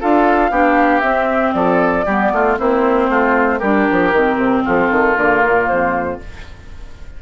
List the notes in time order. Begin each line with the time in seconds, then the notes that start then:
0.00 D4 F4 A4 F5
0.50 B3 D4 G4
1.01 C4 E5
1.53 F3 A4 D5
2.05 G3 B3 G4
2.32 A3 F4
2.58 A#3 C4 E4 C5
3.09 A3 F4
3.59 G3 D4 G4 A#4
3.91 F3
4.13 D#3 C4
4.37 C3
4.65 F3 F4 A4
4.91 D#3
5.16 D3 A#3 A#4
5.47 A#2
5.67 F2 C5